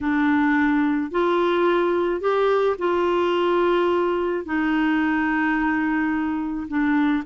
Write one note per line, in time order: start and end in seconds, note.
0.01 1.11 D4
1.11 2.20 F4
2.20 2.76 G4
2.78 4.45 F4
4.45 6.67 D#4
6.68 7.23 D4